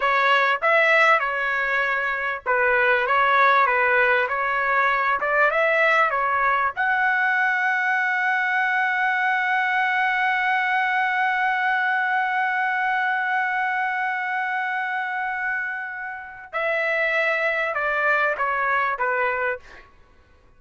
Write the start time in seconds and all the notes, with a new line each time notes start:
0.00 C#5
0.62 E5
1.19 C#5
2.45 B4
3.06 C#5
3.66 B4
4.28 C#5
5.20 D5
5.50 E5
6.10 C#5
6.76 F#5
16.52 E5
17.74 D5
18.37 C#5
18.98 B4